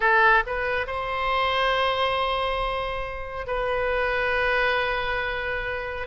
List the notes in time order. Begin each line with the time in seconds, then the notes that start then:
0.00 A4
0.46 B4
0.86 C5
3.47 B4